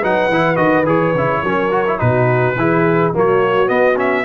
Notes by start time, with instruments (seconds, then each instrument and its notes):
0.00 tuba F#3, trombone D#4, horn B4, trumpet F#5
0.29 tuba E3, trombone E4
0.56 tuba D#3, trombone F#4, trumpet D#5
0.86 tuba E3, trombone G#4, trumpet C#5
1.15 tuba C#3, trombone E4
1.43 tuba F#3, trombone C#4, horn A#4
1.71 trombone F#4
1.87 trombone E4
1.99 tuba B2, trombone D#4, horn F#4, trumpet B4
2.57 tuba E3, trombone E4, horn G#4
3.14 tuba F#3, trombone A#3, horn F#4, trumpet C#5
3.67 trombone B3, tuba B3, trumpet D#5
3.96 trombone C#4, trumpet E5